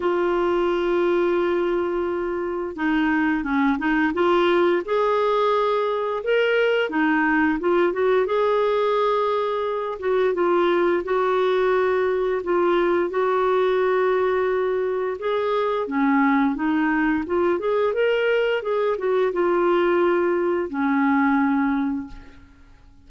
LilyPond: \new Staff \with { instrumentName = "clarinet" } { \time 4/4 \tempo 4 = 87 f'1 | dis'4 cis'8 dis'8 f'4 gis'4~ | gis'4 ais'4 dis'4 f'8 fis'8 | gis'2~ gis'8 fis'8 f'4 |
fis'2 f'4 fis'4~ | fis'2 gis'4 cis'4 | dis'4 f'8 gis'8 ais'4 gis'8 fis'8 | f'2 cis'2 | }